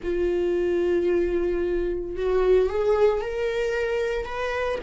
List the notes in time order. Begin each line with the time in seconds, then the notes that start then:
0.03 F4
2.16 F#4
2.69 G#4
3.21 A#4
4.25 B4